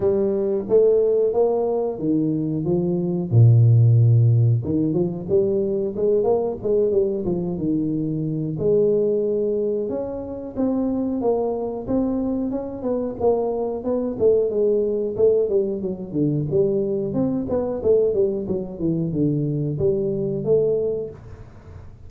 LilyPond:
\new Staff \with { instrumentName = "tuba" } { \time 4/4 \tempo 4 = 91 g4 a4 ais4 dis4 | f4 ais,2 dis8 f8 | g4 gis8 ais8 gis8 g8 f8 dis8~ | dis4 gis2 cis'4 |
c'4 ais4 c'4 cis'8 b8 | ais4 b8 a8 gis4 a8 g8 | fis8 d8 g4 c'8 b8 a8 g8 | fis8 e8 d4 g4 a4 | }